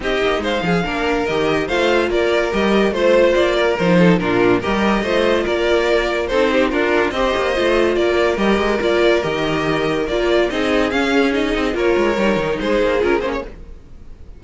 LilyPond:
<<
  \new Staff \with { instrumentName = "violin" } { \time 4/4 \tempo 4 = 143 dis''4 f''2 dis''4 | f''4 d''4 dis''4 c''4 | d''4 c''4 ais'4 dis''4~ | dis''4 d''2 c''4 |
ais'4 dis''2 d''4 | dis''4 d''4 dis''2 | d''4 dis''4 f''4 dis''4 | cis''2 c''4 ais'8 c''16 cis''16 | }
  \new Staff \with { instrumentName = "violin" } { \time 4/4 g'4 c''8 gis'8 ais'2 | c''4 ais'2 c''4~ | c''8 ais'4 a'8 f'4 ais'4 | c''4 ais'2 a'8 g'8 |
f'4 c''2 ais'4~ | ais'1~ | ais'4 gis'2. | ais'2 gis'2 | }
  \new Staff \with { instrumentName = "viola" } { \time 4/4 dis'2 d'4 g'4 | f'2 g'4 f'4~ | f'4 dis'4 d'4 g'4 | f'2. dis'4 |
d'4 g'4 f'2 | g'4 f'4 g'2 | f'4 dis'4 cis'4 dis'4 | f'4 dis'2 f'8 cis'8 | }
  \new Staff \with { instrumentName = "cello" } { \time 4/4 c'8 ais8 gis8 f8 ais4 dis4 | a4 ais4 g4 a4 | ais4 f4 ais,4 g4 | a4 ais2 c'4 |
d'4 c'8 ais8 a4 ais4 | g8 gis8 ais4 dis2 | ais4 c'4 cis'4. c'8 | ais8 gis8 g8 dis8 gis8 ais8 cis'8 ais8 | }
>>